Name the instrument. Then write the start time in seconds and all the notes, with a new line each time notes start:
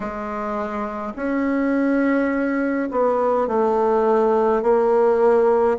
bassoon
0.00 G#3
1.15 C#4
2.91 B3
3.47 A3
4.62 A#3